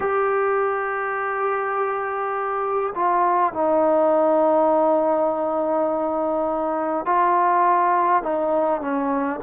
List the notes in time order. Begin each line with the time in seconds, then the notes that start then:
0.00 G4
2.95 F4
3.53 D#4
7.05 F4
8.22 D#4
8.81 C#4